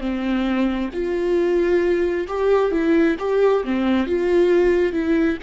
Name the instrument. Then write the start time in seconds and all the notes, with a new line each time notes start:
viola
0.00 C4
0.93 F4
2.28 G4
2.72 E4
3.19 G4
3.64 C4
4.07 F4
4.93 E4